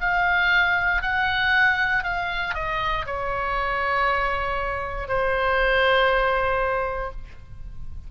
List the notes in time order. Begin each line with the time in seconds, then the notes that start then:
0.00 F5
1.02 F#5
2.03 F5
2.54 D#5
3.06 C#5
5.08 C5